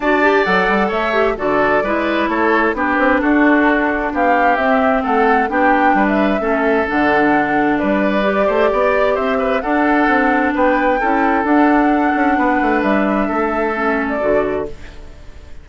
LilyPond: <<
  \new Staff \with { instrumentName = "flute" } { \time 4/4 \tempo 4 = 131 a''4 fis''4 e''4 d''4~ | d''4 cis''4 b'4 a'4~ | a'4 f''4 e''4 fis''4 | g''4~ g''16 e''4.~ e''16 fis''4~ |
fis''4 d''2. | e''4 fis''2 g''4~ | g''4 fis''2. | e''2~ e''8. d''4~ d''16 | }
  \new Staff \with { instrumentName = "oboe" } { \time 4/4 d''2 cis''4 a'4 | b'4 a'4 g'4 fis'4~ | fis'4 g'2 a'4 | g'4 b'4 a'2~ |
a'4 b'4. c''8 d''4 | c''8 b'8 a'2 b'4 | a'2. b'4~ | b'4 a'2. | }
  \new Staff \with { instrumentName = "clarinet" } { \time 4/4 fis'8 g'8 a'4. g'8 fis'4 | e'2 d'2~ | d'2 c'2 | d'2 cis'4 d'4~ |
d'2 g'2~ | g'4 d'2. | e'4 d'2.~ | d'2 cis'4 fis'4 | }
  \new Staff \with { instrumentName = "bassoon" } { \time 4/4 d'4 fis8 g8 a4 d4 | gis4 a4 b8 c'8 d'4~ | d'4 b4 c'4 a4 | b4 g4 a4 d4~ |
d4 g4. a8 b4 | c'4 d'4 c'4 b4 | cis'4 d'4. cis'8 b8 a8 | g4 a2 d4 | }
>>